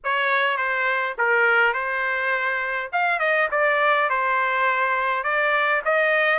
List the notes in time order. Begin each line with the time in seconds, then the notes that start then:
0.04 C#5
0.57 C5
1.18 A#4
1.73 C5
2.92 F5
3.19 D#5
3.51 D5
4.09 C5
5.23 D5
5.84 D#5